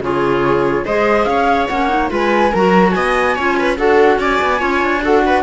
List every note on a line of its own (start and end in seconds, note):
0.00 0.83 C#3
0.00 0.86 F4
0.00 0.86 G#4
0.00 0.86 C#5
0.86 1.26 G#3
0.86 1.70 G#4
0.86 1.27 C5
0.86 1.25 D#5
1.25 1.67 C#4
1.25 2.11 C#5
1.25 1.66 F5
1.67 2.11 A#3
1.67 1.89 C#4
1.67 2.09 F#5
1.89 2.09 D#4
2.09 2.53 G#3
2.09 2.50 F4
2.09 2.52 B4
2.09 2.54 G#5
2.52 2.95 F#3
2.52 3.38 F#4
2.52 2.93 A#4
2.52 2.91 A#5
2.91 3.37 B3
2.91 3.35 D#5
2.91 3.74 G#5
3.35 3.79 C#4
3.35 3.77 F4
3.35 3.56 C#5
3.59 3.77 B4
3.77 4.19 D4
3.77 4.58 F#4
3.77 4.19 A4
3.77 4.19 F#5
4.19 4.39 C#4
4.19 4.59 D5
4.19 5.03 G#5
4.41 4.62 B3
4.58 4.82 C#4
4.58 5.00 F4
4.58 5.01 C#5
4.82 5.43 D4
5.02 5.43 F#4
5.02 5.24 A4
5.02 5.43 F#5
5.26 5.43 B4